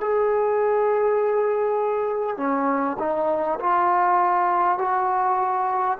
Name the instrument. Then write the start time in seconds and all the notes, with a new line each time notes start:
trombone
0.00 G#4
2.37 C#4
2.99 D#4
3.60 F4
4.78 F#4